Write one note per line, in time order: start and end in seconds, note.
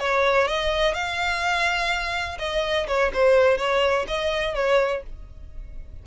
0.00 0.48 C#5
0.48 0.94 D#5
0.94 2.38 F5
2.40 2.88 D#5
2.88 3.12 C#5
3.14 3.58 C5
3.58 4.06 C#5
4.08 4.56 D#5
4.56 5.04 C#5